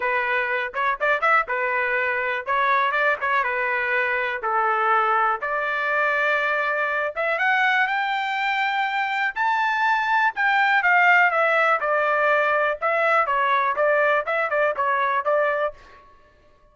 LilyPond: \new Staff \with { instrumentName = "trumpet" } { \time 4/4 \tempo 4 = 122 b'4. cis''8 d''8 e''8 b'4~ | b'4 cis''4 d''8 cis''8 b'4~ | b'4 a'2 d''4~ | d''2~ d''8 e''8 fis''4 |
g''2. a''4~ | a''4 g''4 f''4 e''4 | d''2 e''4 cis''4 | d''4 e''8 d''8 cis''4 d''4 | }